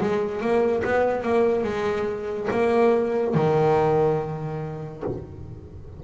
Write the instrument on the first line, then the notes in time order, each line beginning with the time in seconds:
double bass
0.00 G#3
0.40 A#3
0.84 B3
1.22 A#3
1.64 G#3
2.51 A#3
3.34 D#3